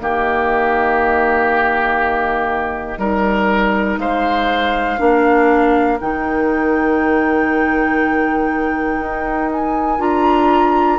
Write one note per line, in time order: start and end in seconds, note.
0.00 2.98 D#3
0.00 2.99 A#3
0.00 3.00 G4
0.00 3.99 D#5
2.98 3.98 G3
2.98 4.99 D#4
2.98 4.00 A#4
3.98 4.98 G#3
3.98 5.00 C5
3.98 5.99 F5
4.99 6.00 A#3
4.99 5.99 D4
4.99 11.00 A#4
6.01 9.00 D#3
6.01 9.99 D#4
6.01 9.51 G5
9.00 9.99 D#4
9.52 10.01 G#5
9.99 10.99 D4
9.99 10.99 F4
9.99 11.00 A#5